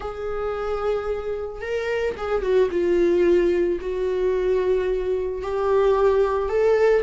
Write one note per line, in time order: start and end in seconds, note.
0.00 1.61 G#4
1.61 2.15 A#4
2.17 2.42 G#4
2.42 2.69 F#4
2.71 3.79 F4
3.80 5.42 F#4
5.42 6.49 G4
6.49 7.03 A4